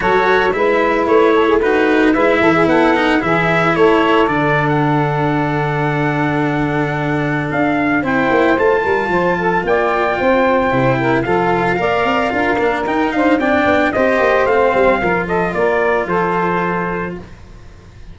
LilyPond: <<
  \new Staff \with { instrumentName = "trumpet" } { \time 4/4 \tempo 4 = 112 cis''4 e''4 cis''4 b'4 | e''4 fis''4 e''4 cis''4 | d''8. fis''2.~ fis''16~ | fis''2 f''4 g''4 |
a''2 g''2~ | g''4 f''2. | g''8 f''8 g''4 dis''4 f''4~ | f''8 dis''8 d''4 c''2 | }
  \new Staff \with { instrumentName = "saxophone" } { \time 4/4 a'4 b'4. a'16 gis'16 fis'4 | b'8 a'16 gis'16 a'4 gis'4 a'4~ | a'1~ | a'2. c''4~ |
c''8 ais'8 c''8 a'8 d''4 c''4~ | c''8 ais'8 a'4 d''4 ais'4~ | ais'8 c''8 d''4 c''2 | ais'8 a'8 ais'4 a'2 | }
  \new Staff \with { instrumentName = "cello" } { \time 4/4 fis'4 e'2 dis'4 | e'4. dis'8 e'2 | d'1~ | d'2. e'4 |
f'1 | e'4 f'4 ais'4 f'8 d'8 | dis'4 d'4 g'4 c'4 | f'1 | }
  \new Staff \with { instrumentName = "tuba" } { \time 4/4 fis4 gis4 a2 | gis8 e8 b4 e4 a4 | d1~ | d2 d'4 c'8 ais8 |
a8 g8 f4 ais4 c'4 | c4 f4 ais8 c'8 d'8 ais8 | dis'8 d'8 c'8 b8 c'8 ais8 a8 g8 | f4 ais4 f2 | }
>>